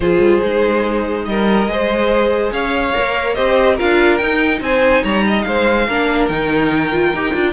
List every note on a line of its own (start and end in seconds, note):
0.00 0.18 F3
0.00 0.41 F4
0.00 1.27 G#4
0.00 1.25 C5
0.18 0.39 G3
0.41 1.26 G#3
0.41 1.67 D#4
1.25 1.67 G3
1.25 1.70 A#4
1.25 2.51 D#5
1.67 2.50 G#3
1.67 2.93 G#4
1.67 2.52 C5
2.51 2.93 C#4
2.51 3.35 C#5
2.51 3.34 F5
2.93 3.37 A#3
2.93 3.35 A#4
3.34 3.79 C4
3.34 3.77 G4
3.34 3.75 C5
3.34 3.76 D#5
3.75 4.20 D4
3.75 4.19 F4
3.75 4.59 A#4
3.75 4.17 F5
4.17 5.87 D#4
4.17 4.60 D#4
4.17 4.59 G5
4.60 5.02 C4
4.60 5.03 C5
4.60 5.04 G#5
5.03 5.45 G3
5.03 5.24 C#5
5.03 5.41 A#5
5.26 5.47 D#5
5.41 5.88 G#3
5.41 5.87 C5
5.41 6.25 F5
5.87 6.29 A#3
5.87 6.31 D4
5.87 7.53 A#4
6.28 7.13 D#3
6.28 6.92 D#4
6.28 7.53 G5
6.92 7.13 F4
7.13 7.34 D#4
7.13 7.32 G4
7.32 7.53 D4
7.32 7.53 F4